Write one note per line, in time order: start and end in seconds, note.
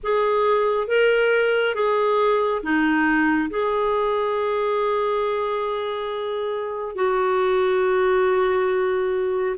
0.03 0.87 G#4
0.87 1.74 A#4
1.74 2.61 G#4
2.62 3.49 D#4
3.49 6.95 G#4
6.95 9.56 F#4